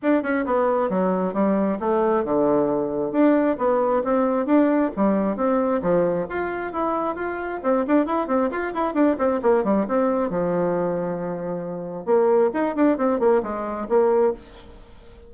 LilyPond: \new Staff \with { instrumentName = "bassoon" } { \time 4/4 \tempo 4 = 134 d'8 cis'8 b4 fis4 g4 | a4 d2 d'4 | b4 c'4 d'4 g4 | c'4 f4 f'4 e'4 |
f'4 c'8 d'8 e'8 c'8 f'8 e'8 | d'8 c'8 ais8 g8 c'4 f4~ | f2. ais4 | dis'8 d'8 c'8 ais8 gis4 ais4 | }